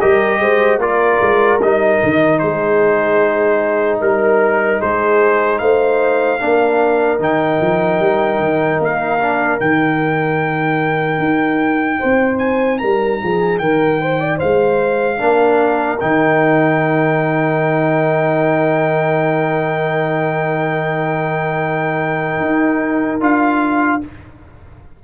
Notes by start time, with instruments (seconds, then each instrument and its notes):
0.00 tuba G3, trombone G4, horn A#4, trumpet D#5
0.39 tuba G#3, horn C5
0.78 tuba A#3, trombone F4, horn A#4, trumpet D5
1.22 tuba G#3
1.60 tuba G3, trombone D#4, trumpet D#5
2.04 tuba D#3
2.39 tuba G#3, horn G#4, trumpet C5
4.00 tuba G3, horn A#4, trumpet A#4
4.80 tuba G#3, horn G#4, trumpet C5
5.59 tuba A3, horn C5, trumpet F5
6.40 tuba A#3, trombone D4, horn A#4
7.19 tuba D#3, trombone D#4, trumpet G5
7.61 tuba F3
8.00 tuba G3
8.39 tuba D#3
8.80 tuba A#3, trumpet F5
9.19 trombone D4
9.60 tuba D#3, trombone D#4, trumpet G5
11.19 tuba D#4
11.99 tuba C4, horn C5
12.39 trumpet G#5
12.78 tuba G3, horn A#4, trumpet A#5
13.23 tuba F3, horn G#4
13.59 tuba D#3, horn A#4, trumpet G5
14.01 horn C5
14.20 horn D5
14.38 tuba G#3, horn C5, trumpet F5
15.18 tuba A#3, trombone D4
15.24 horn A#4
16.00 tuba D#3, trombone D#4, trumpet G5
22.41 tuba D#4
23.21 tuba D4, trombone F4, trumpet F5